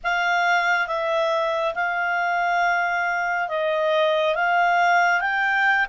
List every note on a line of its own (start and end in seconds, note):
0.03 0.87 F5
0.87 1.74 E5
1.74 3.48 F5
3.48 4.35 D#5
4.35 5.21 F5
5.21 5.86 G5